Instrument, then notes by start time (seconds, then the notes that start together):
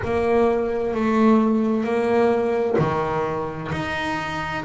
double bass
0.04 A#3
0.94 A3
1.84 A#3
2.78 D#3
3.72 D#4